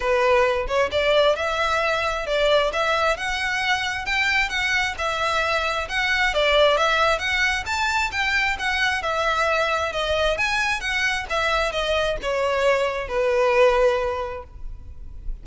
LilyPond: \new Staff \with { instrumentName = "violin" } { \time 4/4 \tempo 4 = 133 b'4. cis''8 d''4 e''4~ | e''4 d''4 e''4 fis''4~ | fis''4 g''4 fis''4 e''4~ | e''4 fis''4 d''4 e''4 |
fis''4 a''4 g''4 fis''4 | e''2 dis''4 gis''4 | fis''4 e''4 dis''4 cis''4~ | cis''4 b'2. | }